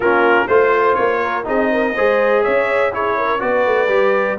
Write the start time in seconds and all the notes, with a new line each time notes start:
0.00 A#3 C#4 F4 A#4
0.47 A3 F4 C5
0.94 A#3 C#5
1.22 A#4
1.44 C4 D#4 G#4 D#5
1.72 A#4
1.94 G#3 G#4 C5
2.43 C#4 C#5 E5
2.92 E4 G#4 C#5
3.18 A#4
3.39 B3 F#4 B4 D5
3.66 A3
3.88 G3 G4